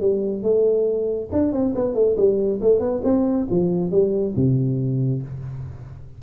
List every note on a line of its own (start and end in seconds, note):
0.00 0.42 G3
0.42 1.29 A3
1.32 1.52 D4
1.52 1.74 C4
1.75 1.94 B3
1.94 2.15 A3
2.16 2.59 G3
2.61 2.79 A3
2.79 3.01 B3
3.04 3.47 C4
3.50 3.91 F3
3.91 4.34 G3
4.36 5.22 C3